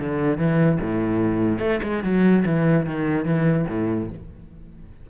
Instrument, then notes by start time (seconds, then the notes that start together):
cello
0.00 D3
0.38 E3
0.81 A2
1.59 A3
1.83 G#3
2.03 F#3
2.45 E3
2.86 D#3
3.25 E3
3.68 A2